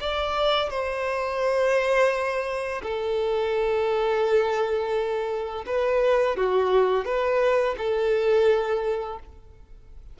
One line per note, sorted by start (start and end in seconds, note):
0.00 0.70 D5
0.70 2.81 C5
2.83 5.65 A4
5.66 6.36 B4
6.36 7.05 F#4
7.05 7.75 B4
7.77 9.19 A4